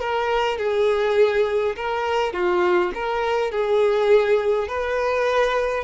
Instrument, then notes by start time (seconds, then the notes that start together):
violin
0.00 A#4
0.58 G#4
1.76 A#4
2.33 F4
2.94 A#4
3.51 G#4
4.68 B4